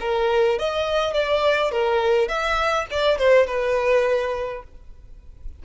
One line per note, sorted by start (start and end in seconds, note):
0.00 0.58 A#4
0.58 1.13 D#5
1.13 1.71 D5
1.71 2.28 A#4
2.28 2.86 E5
2.90 3.18 D5
3.18 3.46 C5
3.46 4.63 B4